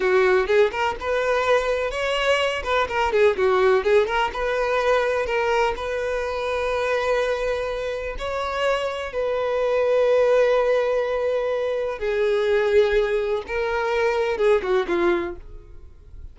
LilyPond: \new Staff \with { instrumentName = "violin" } { \time 4/4 \tempo 4 = 125 fis'4 gis'8 ais'8 b'2 | cis''4. b'8 ais'8 gis'8 fis'4 | gis'8 ais'8 b'2 ais'4 | b'1~ |
b'4 cis''2 b'4~ | b'1~ | b'4 gis'2. | ais'2 gis'8 fis'8 f'4 | }